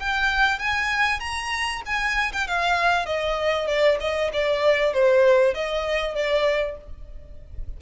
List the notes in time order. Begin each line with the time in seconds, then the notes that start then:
0.00 G5
0.59 G#5
1.20 A#5
1.86 G#5
2.33 G5
2.48 F5
3.06 D#5
3.68 D5
4.01 D#5
4.34 D5
4.94 C5
5.54 D#5
6.15 D5